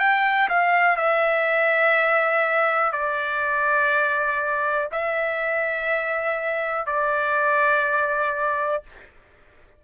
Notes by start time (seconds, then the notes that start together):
0.00 G5
0.50 F5
0.97 E5
2.93 D5
4.93 E5
6.87 D5